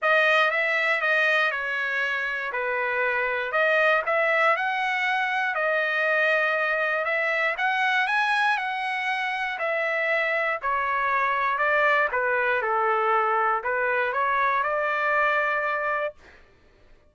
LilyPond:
\new Staff \with { instrumentName = "trumpet" } { \time 4/4 \tempo 4 = 119 dis''4 e''4 dis''4 cis''4~ | cis''4 b'2 dis''4 | e''4 fis''2 dis''4~ | dis''2 e''4 fis''4 |
gis''4 fis''2 e''4~ | e''4 cis''2 d''4 | b'4 a'2 b'4 | cis''4 d''2. | }